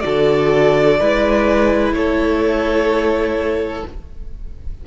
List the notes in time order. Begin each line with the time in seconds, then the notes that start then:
0.00 D3 F#4 A4 D5
1.00 G#3 E4 B4
1.93 A3 A4 C#5